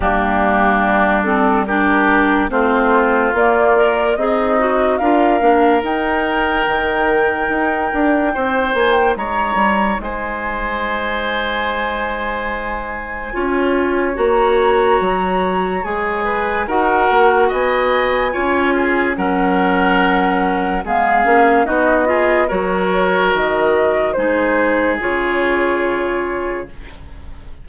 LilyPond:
<<
  \new Staff \with { instrumentName = "flute" } { \time 4/4 \tempo 4 = 72 g'4. a'8 ais'4 c''4 | d''4 dis''4 f''4 g''4~ | g''2~ g''8 gis''16 g''16 ais''4 | gis''1~ |
gis''4 ais''2 gis''4 | fis''4 gis''2 fis''4~ | fis''4 f''4 dis''4 cis''4 | dis''4 c''4 cis''2 | }
  \new Staff \with { instrumentName = "oboe" } { \time 4/4 d'2 g'4 f'4~ | f'4 dis'4 ais'2~ | ais'2 c''4 cis''4 | c''1 |
cis''2.~ cis''8 b'8 | ais'4 dis''4 cis''8 gis'8 ais'4~ | ais'4 gis'4 fis'8 gis'8 ais'4~ | ais'4 gis'2. | }
  \new Staff \with { instrumentName = "clarinet" } { \time 4/4 ais4. c'8 d'4 c'4 | ais8 ais'8 gis'8 fis'8 f'8 d'8 dis'4~ | dis'1~ | dis'1 |
f'4 fis'2 gis'4 | fis'2 f'4 cis'4~ | cis'4 b8 cis'8 dis'8 f'8 fis'4~ | fis'4 dis'4 f'2 | }
  \new Staff \with { instrumentName = "bassoon" } { \time 4/4 g2. a4 | ais4 c'4 d'8 ais8 dis'4 | dis4 dis'8 d'8 c'8 ais8 gis8 g8 | gis1 |
cis'4 ais4 fis4 gis4 | dis'8 ais8 b4 cis'4 fis4~ | fis4 gis8 ais8 b4 fis4 | dis4 gis4 cis2 | }
>>